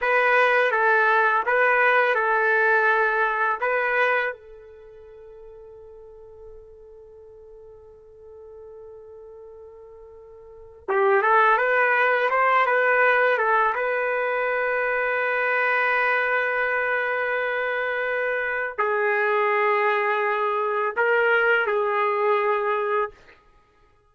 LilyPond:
\new Staff \with { instrumentName = "trumpet" } { \time 4/4 \tempo 4 = 83 b'4 a'4 b'4 a'4~ | a'4 b'4 a'2~ | a'1~ | a'2. g'8 a'8 |
b'4 c''8 b'4 a'8 b'4~ | b'1~ | b'2 gis'2~ | gis'4 ais'4 gis'2 | }